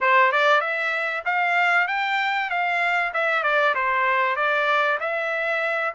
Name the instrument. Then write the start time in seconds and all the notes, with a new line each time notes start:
trumpet
0.01 C5
0.32 D5
0.61 E5
1.25 F5
1.87 G5
2.50 F5
3.13 E5
3.43 D5
3.74 C5
4.36 D5
4.99 E5